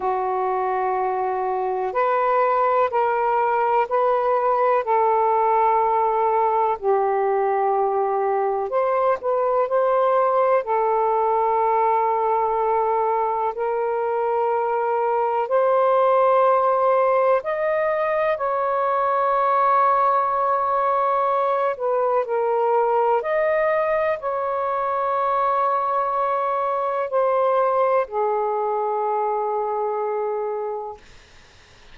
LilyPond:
\new Staff \with { instrumentName = "saxophone" } { \time 4/4 \tempo 4 = 62 fis'2 b'4 ais'4 | b'4 a'2 g'4~ | g'4 c''8 b'8 c''4 a'4~ | a'2 ais'2 |
c''2 dis''4 cis''4~ | cis''2~ cis''8 b'8 ais'4 | dis''4 cis''2. | c''4 gis'2. | }